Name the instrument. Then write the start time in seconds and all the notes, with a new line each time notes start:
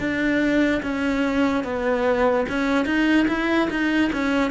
cello
0.00 D4
0.83 C#4
1.64 B3
2.50 C#4
2.86 D#4
3.28 E4
3.71 D#4
4.13 C#4